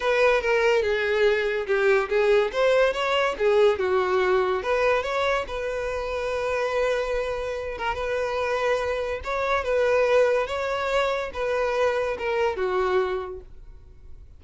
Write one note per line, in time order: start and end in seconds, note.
0.00 0.41 B4
0.41 0.82 A#4
0.82 1.66 G#4
1.66 2.08 G4
2.09 2.51 G#4
2.52 2.93 C5
2.93 3.35 C#5
3.38 3.79 G#4
3.79 4.62 F#4
4.62 5.03 B4
5.03 5.45 C#5
5.47 7.77 B4
7.77 7.94 A#4
7.94 9.20 B4
9.24 9.64 C#5
9.64 10.46 B4
10.46 11.30 C#5
11.33 12.17 B4
12.18 12.56 A#4
12.56 13.40 F#4